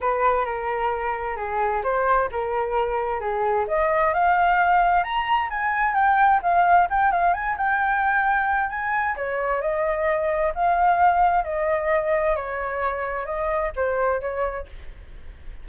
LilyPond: \new Staff \with { instrumentName = "flute" } { \time 4/4 \tempo 4 = 131 b'4 ais'2 gis'4 | c''4 ais'2 gis'4 | dis''4 f''2 ais''4 | gis''4 g''4 f''4 g''8 f''8 |
gis''8 g''2~ g''8 gis''4 | cis''4 dis''2 f''4~ | f''4 dis''2 cis''4~ | cis''4 dis''4 c''4 cis''4 | }